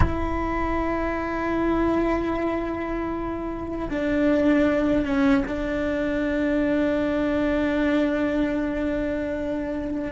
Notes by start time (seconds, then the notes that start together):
0.00 E4
3.90 D4
5.05 C#4
5.47 D4